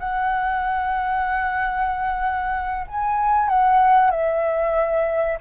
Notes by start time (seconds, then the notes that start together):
0.00 F#5
2.88 G#5
3.49 F#5
4.11 E5